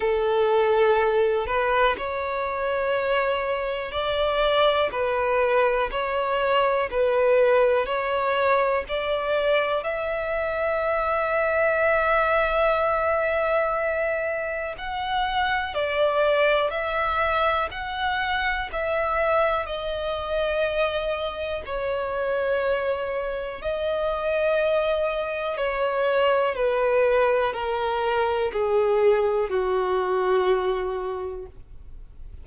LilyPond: \new Staff \with { instrumentName = "violin" } { \time 4/4 \tempo 4 = 61 a'4. b'8 cis''2 | d''4 b'4 cis''4 b'4 | cis''4 d''4 e''2~ | e''2. fis''4 |
d''4 e''4 fis''4 e''4 | dis''2 cis''2 | dis''2 cis''4 b'4 | ais'4 gis'4 fis'2 | }